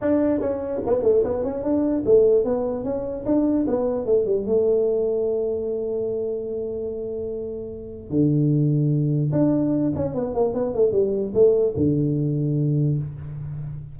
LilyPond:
\new Staff \with { instrumentName = "tuba" } { \time 4/4 \tempo 4 = 148 d'4 cis'4 b8 a8 b8 cis'8 | d'4 a4 b4 cis'4 | d'4 b4 a8 g8 a4~ | a1~ |
a1 | d2. d'4~ | d'8 cis'8 b8 ais8 b8 a8 g4 | a4 d2. | }